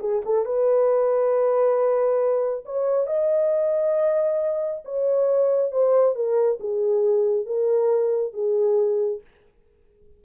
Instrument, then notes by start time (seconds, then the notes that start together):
horn
0.00 G#4
0.25 A4
0.45 B4
2.65 C#5
3.07 D#5
4.85 C#5
5.72 C5
6.15 A#4
6.60 G#4
7.46 A#4
8.33 G#4